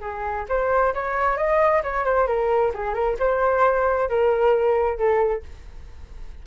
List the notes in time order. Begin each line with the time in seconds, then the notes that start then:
0.00 G#4
0.48 C5
0.94 C#5
1.37 D#5
1.83 C#5
2.04 C5
2.27 A#4
2.74 G#4
2.94 A#4
3.19 C5
4.09 A#4
4.97 A4